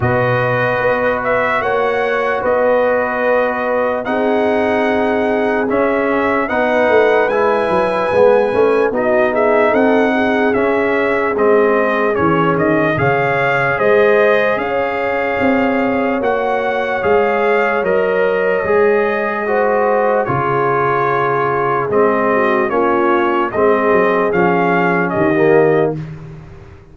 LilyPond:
<<
  \new Staff \with { instrumentName = "trumpet" } { \time 4/4 \tempo 4 = 74 dis''4. e''8 fis''4 dis''4~ | dis''4 fis''2 e''4 | fis''4 gis''2 dis''8 e''8 | fis''4 e''4 dis''4 cis''8 dis''8 |
f''4 dis''4 f''2 | fis''4 f''4 dis''2~ | dis''4 cis''2 dis''4 | cis''4 dis''4 f''4 dis''4 | }
  \new Staff \with { instrumentName = "horn" } { \time 4/4 b'2 cis''4 b'4~ | b'4 gis'2. | b'2. fis'8 gis'8 | a'8 gis'2.~ gis'8 |
cis''4 c''4 cis''2~ | cis''1 | c''4 gis'2~ gis'8 fis'8 | f'4 gis'2 g'4 | }
  \new Staff \with { instrumentName = "trombone" } { \time 4/4 fis'1~ | fis'4 dis'2 cis'4 | dis'4 e'4 b8 cis'8 dis'4~ | dis'4 cis'4 c'4 cis'4 |
gis'1 | fis'4 gis'4 ais'4 gis'4 | fis'4 f'2 c'4 | cis'4 c'4 cis'4~ cis'16 ais8. | }
  \new Staff \with { instrumentName = "tuba" } { \time 4/4 b,4 b4 ais4 b4~ | b4 c'2 cis'4 | b8 a8 gis8 fis8 gis8 a8 b4 | c'4 cis'4 gis4 e8 dis8 |
cis4 gis4 cis'4 c'4 | ais4 gis4 fis4 gis4~ | gis4 cis2 gis4 | ais4 gis8 fis8 f4 dis4 | }
>>